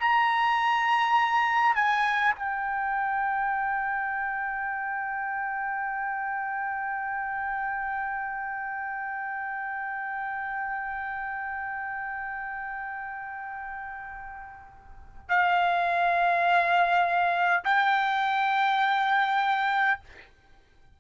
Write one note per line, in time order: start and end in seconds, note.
0.00 1.76 A#5
1.76 2.35 G#5
2.36 15.29 G5
15.29 17.64 F5
17.65 20.00 G5